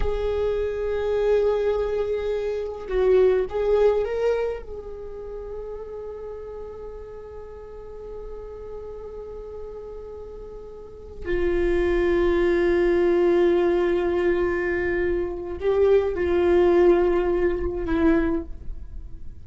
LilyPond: \new Staff \with { instrumentName = "viola" } { \time 4/4 \tempo 4 = 104 gis'1~ | gis'4 fis'4 gis'4 ais'4 | gis'1~ | gis'1~ |
gis'2.~ gis'8 f'8~ | f'1~ | f'2. g'4 | f'2. e'4 | }